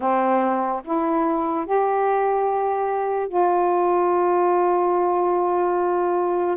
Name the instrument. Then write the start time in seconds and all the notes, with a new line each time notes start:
saxophone
0.00 C4
0.84 E4
1.66 G4
3.28 F4